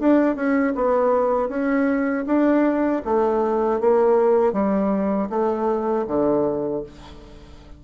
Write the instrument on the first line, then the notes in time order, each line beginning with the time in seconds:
bassoon
0.00 D4
0.36 C#4
0.76 B3
1.49 C#4
2.27 D4
3.05 A3
3.81 A#3
4.53 G3
5.30 A3
6.08 D3